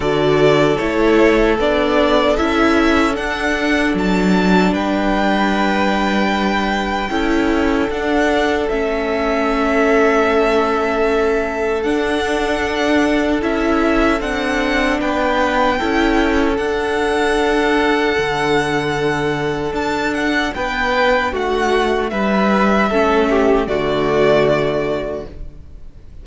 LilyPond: <<
  \new Staff \with { instrumentName = "violin" } { \time 4/4 \tempo 4 = 76 d''4 cis''4 d''4 e''4 | fis''4 a''4 g''2~ | g''2 fis''4 e''4~ | e''2. fis''4~ |
fis''4 e''4 fis''4 g''4~ | g''4 fis''2.~ | fis''4 a''8 fis''8 g''4 fis''4 | e''2 d''2 | }
  \new Staff \with { instrumentName = "violin" } { \time 4/4 a'1~ | a'2 b'2~ | b'4 a'2.~ | a'1~ |
a'2. b'4 | a'1~ | a'2 b'4 fis'4 | b'4 a'8 g'8 fis'2 | }
  \new Staff \with { instrumentName = "viola" } { \time 4/4 fis'4 e'4 d'4 e'4 | d'1~ | d'4 e'4 d'4 cis'4~ | cis'2. d'4~ |
d'4 e'4 d'2 | e'4 d'2.~ | d'1~ | d'4 cis'4 a2 | }
  \new Staff \with { instrumentName = "cello" } { \time 4/4 d4 a4 b4 cis'4 | d'4 fis4 g2~ | g4 cis'4 d'4 a4~ | a2. d'4~ |
d'4 cis'4 c'4 b4 | cis'4 d'2 d4~ | d4 d'4 b4 a4 | g4 a4 d2 | }
>>